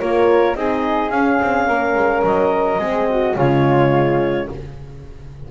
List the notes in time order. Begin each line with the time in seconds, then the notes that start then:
0.00 A#3 F4 A#4 C#5
0.56 C4 D#4 G#4 D#5
1.11 C#4 F5
1.42 C4
1.68 A#3 A#4
1.95 G#3
2.24 F#3 D#5
2.79 G#3 C4 G#4
3.10 F#4
3.37 C#3 G#3 F4 C#5